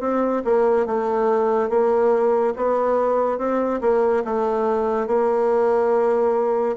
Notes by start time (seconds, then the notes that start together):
0.00 C4
0.44 A#3
0.86 A3
1.69 A#3
2.56 B3
3.38 C4
3.81 A#3
4.24 A3
5.06 A#3